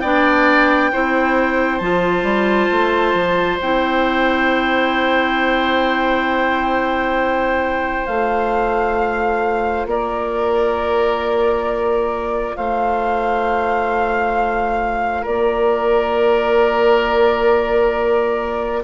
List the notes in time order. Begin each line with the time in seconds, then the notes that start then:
0.00 B3 D4 D5 G5
0.92 C4 E4 C5
1.78 F3 F4 A5
2.23 G3
2.71 A3
3.14 F3
3.61 C4 E4 G5
8.07 A3 F4 F5
9.86 A#3 A#4 D5
12.56 A3 C5 F5
15.22 A#3 A#4 D5